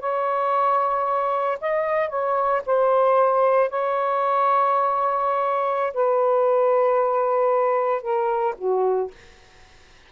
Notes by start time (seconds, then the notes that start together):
0.00 C#5
1.61 D#5
2.09 C#5
2.66 C5
3.69 C#5
5.93 B4
8.02 A#4
8.58 F#4